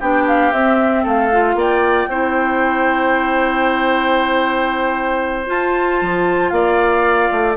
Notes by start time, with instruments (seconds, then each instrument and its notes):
0.00 bassoon B3, clarinet D4, oboe G4, flute G5
0.27 flute F5
0.52 bassoon C4, clarinet C4, flute E5
1.03 bassoon A3, oboe A4, flute F5
1.32 clarinet F4
1.55 bassoon A#3, oboe D5, flute G5
2.08 bassoon C4, clarinet E4, oboe C5
5.46 clarinet F4, bassoon F4, flute A5
6.01 bassoon F3
6.49 bassoon A#3, oboe D5, flute F5
7.31 bassoon A3